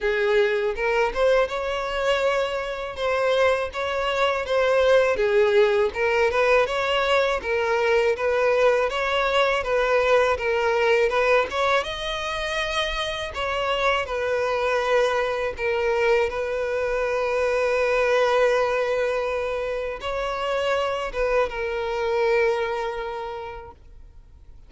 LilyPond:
\new Staff \with { instrumentName = "violin" } { \time 4/4 \tempo 4 = 81 gis'4 ais'8 c''8 cis''2 | c''4 cis''4 c''4 gis'4 | ais'8 b'8 cis''4 ais'4 b'4 | cis''4 b'4 ais'4 b'8 cis''8 |
dis''2 cis''4 b'4~ | b'4 ais'4 b'2~ | b'2. cis''4~ | cis''8 b'8 ais'2. | }